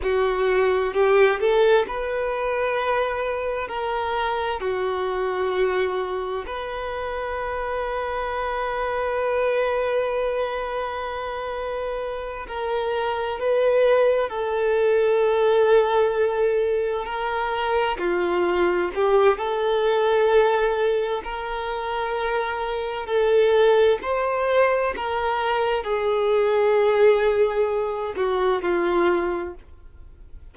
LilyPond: \new Staff \with { instrumentName = "violin" } { \time 4/4 \tempo 4 = 65 fis'4 g'8 a'8 b'2 | ais'4 fis'2 b'4~ | b'1~ | b'4. ais'4 b'4 a'8~ |
a'2~ a'8 ais'4 f'8~ | f'8 g'8 a'2 ais'4~ | ais'4 a'4 c''4 ais'4 | gis'2~ gis'8 fis'8 f'4 | }